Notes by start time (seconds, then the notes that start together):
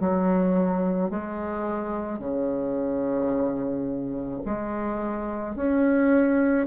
0.00 F#3
1.10 G#3
2.19 C#3
4.45 G#3
5.56 C#4